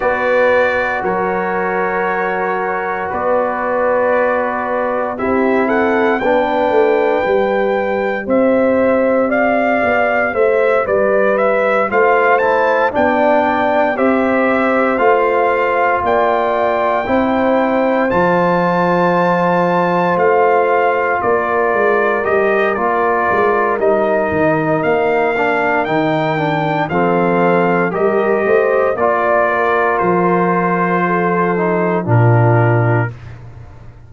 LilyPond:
<<
  \new Staff \with { instrumentName = "trumpet" } { \time 4/4 \tempo 4 = 58 d''4 cis''2 d''4~ | d''4 e''8 fis''8 g''2 | e''4 f''4 e''8 d''8 e''8 f''8 | a''8 g''4 e''4 f''4 g''8~ |
g''4. a''2 f''8~ | f''8 d''4 dis''8 d''4 dis''4 | f''4 g''4 f''4 dis''4 | d''4 c''2 ais'4 | }
  \new Staff \with { instrumentName = "horn" } { \time 4/4 b'4 ais'2 b'4~ | b'4 g'8 a'8 b'2 | c''4 d''4 c''8 b'4 c''8~ | c''8 d''4 c''2 d''8~ |
d''8 c''2.~ c''8~ | c''8 ais'2.~ ais'8~ | ais'2 a'4 ais'8 c''8 | d''8 ais'4. a'4 f'4 | }
  \new Staff \with { instrumentName = "trombone" } { \time 4/4 fis'1~ | fis'4 e'4 d'4 g'4~ | g'2.~ g'8 f'8 | e'8 d'4 g'4 f'4.~ |
f'8 e'4 f'2~ f'8~ | f'4. g'8 f'4 dis'4~ | dis'8 d'8 dis'8 d'8 c'4 g'4 | f'2~ f'8 dis'8 d'4 | }
  \new Staff \with { instrumentName = "tuba" } { \time 4/4 b4 fis2 b4~ | b4 c'4 b8 a8 g4 | c'4. b8 a8 g4 a8~ | a8 b4 c'4 a4 ais8~ |
ais8 c'4 f2 a8~ | a8 ais8 gis8 g8 ais8 gis8 g8 dis8 | ais4 dis4 f4 g8 a8 | ais4 f2 ais,4 | }
>>